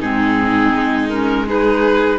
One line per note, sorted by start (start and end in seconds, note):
0.00 0.74 G#2
0.00 1.10 C4
0.00 1.46 D#4
0.00 1.09 G#4
0.74 2.19 G#3
1.09 1.46 C#4
1.09 1.45 A#4
1.46 2.19 D#4
1.46 2.19 G#4
1.46 2.19 B4